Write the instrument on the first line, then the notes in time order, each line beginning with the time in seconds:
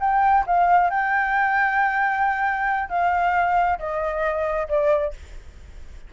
flute
0.00 G5
0.46 F5
0.90 G5
2.89 F5
3.79 D#5
4.69 D5